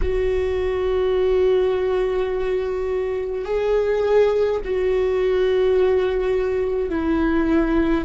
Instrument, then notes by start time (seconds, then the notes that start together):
viola
0.01 F#4
3.45 G#4
4.64 F#4
6.89 E4